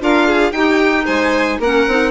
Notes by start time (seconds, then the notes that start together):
0.00 D4 F4 A#4 F5
0.28 G#4
0.53 D#4 G4 G5
1.05 G#3 C5 G#5
1.60 A#3 C#4 A#4 F#5
1.88 C4 D#4